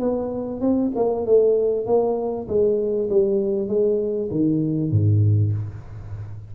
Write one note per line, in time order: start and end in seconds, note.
0.00 0.61 B3
0.61 0.92 C4
0.96 1.26 A#3
1.26 1.87 A3
1.87 2.48 A#3
2.48 3.09 G#3
3.10 3.68 G3
3.68 4.29 G#3
4.31 4.91 D#3
4.91 5.53 G#2